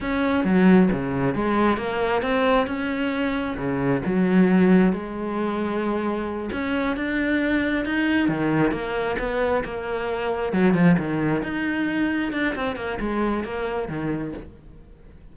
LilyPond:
\new Staff \with { instrumentName = "cello" } { \time 4/4 \tempo 4 = 134 cis'4 fis4 cis4 gis4 | ais4 c'4 cis'2 | cis4 fis2 gis4~ | gis2~ gis8 cis'4 d'8~ |
d'4. dis'4 dis4 ais8~ | ais8 b4 ais2 fis8 | f8 dis4 dis'2 d'8 | c'8 ais8 gis4 ais4 dis4 | }